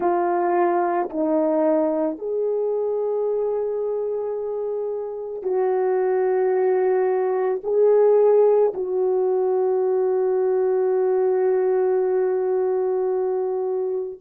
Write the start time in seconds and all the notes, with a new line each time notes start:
0.00 F4
1.09 D#4
2.18 G#4
5.42 F#4
7.63 G#4
8.73 F#4